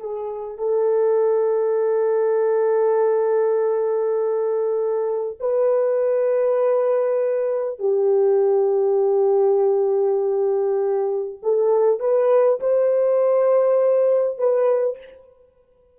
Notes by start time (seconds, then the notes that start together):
0.00 G#4
0.58 A4
5.40 B4
7.79 G4
11.42 A4
12.00 B4
12.61 C5
14.38 B4